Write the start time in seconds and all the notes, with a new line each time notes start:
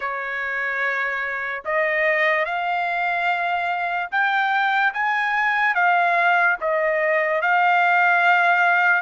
0.00 C#5
1.64 D#5
2.45 F5
4.11 G5
4.93 G#5
5.74 F5
6.60 D#5
7.41 F5